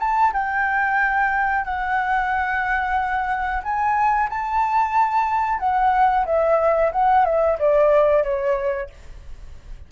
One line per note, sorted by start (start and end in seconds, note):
0.00 0.33 A5
0.33 1.65 G5
1.65 3.63 F#5
3.64 4.30 G#5
4.30 5.60 A5
5.60 6.25 F#5
6.26 6.92 E5
6.93 7.26 F#5
7.26 7.59 E5
7.59 8.24 D5
8.24 8.90 C#5